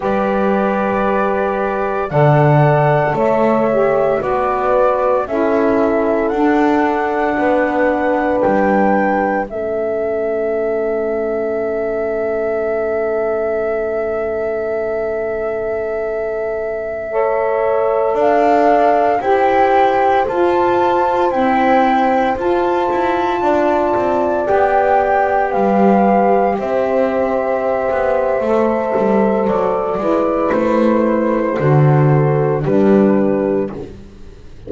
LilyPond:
<<
  \new Staff \with { instrumentName = "flute" } { \time 4/4 \tempo 4 = 57 d''2 fis''4 e''4 | d''4 e''4 fis''2 | g''4 e''2.~ | e''1~ |
e''4~ e''16 f''4 g''4 a''8.~ | a''16 g''4 a''2 g''8.~ | g''16 f''4 e''2~ e''8. | d''4 c''2 b'4 | }
  \new Staff \with { instrumentName = "horn" } { \time 4/4 b'2 d''4 cis''4 | b'4 a'2 b'4~ | b'4 a'2.~ | a'1~ |
a'16 cis''4 d''4 c''4.~ c''16~ | c''2~ c''16 d''4.~ d''16~ | d''16 b'4 c''2~ c''8.~ | c''8 b'4. a'4 g'4 | }
  \new Staff \with { instrumentName = "saxophone" } { \time 4/4 g'2 a'4. g'8 | fis'4 e'4 d'2~ | d'4 cis'2.~ | cis'1~ |
cis'16 a'2 g'4 f'8.~ | f'16 c'4 f'2 g'8.~ | g'2. a'4~ | a'8 e'4. fis'4 d'4 | }
  \new Staff \with { instrumentName = "double bass" } { \time 4/4 g2 d4 a4 | b4 cis'4 d'4 b4 | g4 a2.~ | a1~ |
a4~ a16 d'4 e'4 f'8.~ | f'16 e'4 f'8 e'8 d'8 c'8 b8.~ | b16 g4 c'4~ c'16 b8 a8 g8 | fis8 gis8 a4 d4 g4 | }
>>